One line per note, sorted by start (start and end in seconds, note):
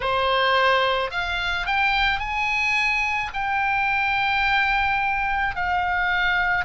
0.00 1.11 C5
1.11 1.66 F5
1.66 2.19 G5
2.19 3.30 G#5
3.33 5.56 G5
5.56 6.64 F5